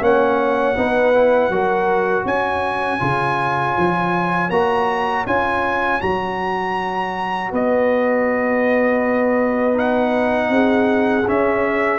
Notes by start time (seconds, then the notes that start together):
0.00 A#3 C#4 C#5 F#5
0.77 B3 D#4 B4
1.14 E4
1.49 F#3 F#4 A#4
2.25 C#4 C#5 G#5
2.99 C#3 F4
3.77 F3
4.50 A#3 F#4 A#5
5.26 C#4 F4 G#5
6.00 F#3 F#4 A#5
7.50 B3 B4 D#5
9.73 D#4 F#5
10.49 C4 G#4
11.27 C#4 E5